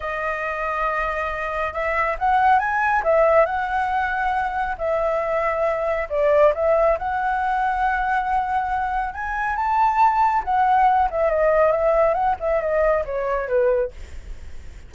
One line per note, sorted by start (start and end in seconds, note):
0.00 1.73 D#5
1.73 2.16 E5
2.18 2.59 F#5
2.59 3.02 G#5
3.03 3.45 E5
3.45 4.76 F#5
4.78 6.08 E5
6.09 6.53 D5
6.54 6.97 E5
6.98 9.14 F#5
9.14 9.55 G#5
9.55 10.42 A5
10.43 11.09 F#5
11.10 11.29 E5
11.29 11.71 D#5
11.71 12.13 E5
12.13 12.35 F#5
12.40 12.61 E5
12.61 13.04 D#5
13.05 13.47 C#5
13.47 13.91 B4